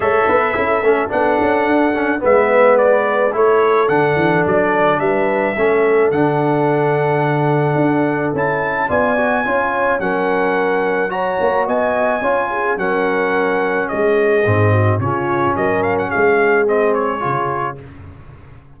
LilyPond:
<<
  \new Staff \with { instrumentName = "trumpet" } { \time 4/4 \tempo 4 = 108 e''2 fis''2 | e''4 d''4 cis''4 fis''4 | d''4 e''2 fis''4~ | fis''2. a''4 |
gis''2 fis''2 | ais''4 gis''2 fis''4~ | fis''4 dis''2 cis''4 | dis''8 f''16 fis''16 f''4 dis''8 cis''4. | }
  \new Staff \with { instrumentName = "horn" } { \time 4/4 cis''8 b'8 a'2. | b'2 a'2~ | a'4 b'4 a'2~ | a'1 |
d''4 cis''4 ais'2 | cis''4 dis''4 cis''8 gis'8 ais'4~ | ais'4 gis'4. fis'8 f'4 | ais'4 gis'2. | }
  \new Staff \with { instrumentName = "trombone" } { \time 4/4 a'4 e'8 cis'8 d'4. cis'8 | b2 e'4 d'4~ | d'2 cis'4 d'4~ | d'2. e'4 |
f'8 fis'8 f'4 cis'2 | fis'2 f'4 cis'4~ | cis'2 c'4 cis'4~ | cis'2 c'4 f'4 | }
  \new Staff \with { instrumentName = "tuba" } { \time 4/4 a8 b8 cis'8 a8 b8 cis'8 d'4 | gis2 a4 d8 e8 | fis4 g4 a4 d4~ | d2 d'4 cis'4 |
b4 cis'4 fis2~ | fis8 ais8 b4 cis'4 fis4~ | fis4 gis4 gis,4 cis4 | fis4 gis2 cis4 | }
>>